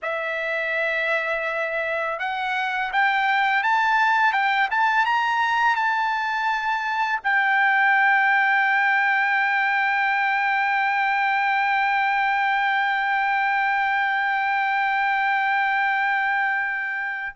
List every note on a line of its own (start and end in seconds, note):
0.02 2.19 E5
2.19 2.91 F#5
2.92 3.63 G5
3.63 4.32 A5
4.32 4.69 G5
4.70 5.05 A5
5.05 5.75 A#5
5.75 7.20 A5
7.23 17.35 G5